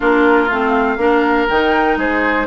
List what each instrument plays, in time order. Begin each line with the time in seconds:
0.00 bassoon A#3, clarinet D4, oboe F4, flute A#4
0.49 bassoon A3, clarinet C4, flute F5
0.97 bassoon A#3, clarinet D4, oboe A#4
1.48 bassoon D#3, clarinet D#4, flute G5
1.96 bassoon G#3, oboe G#4, flute C5